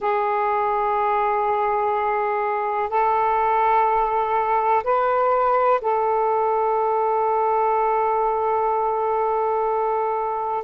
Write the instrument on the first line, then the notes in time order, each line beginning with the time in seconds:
saxophone
0.00 G#4
2.89 A4
4.83 B4
5.81 A4